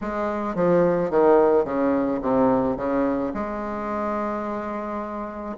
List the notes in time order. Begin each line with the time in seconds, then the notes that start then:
0.01 G#3
0.55 F3
1.10 D#3
1.64 C#3
2.21 C3
2.76 C#3
3.34 G#3